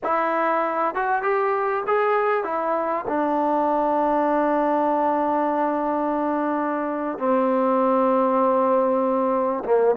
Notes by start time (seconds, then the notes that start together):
0.03 E4
0.94 F#4
1.22 G4
1.86 G#4
2.44 E4
3.08 D4
7.18 C4
9.64 A#3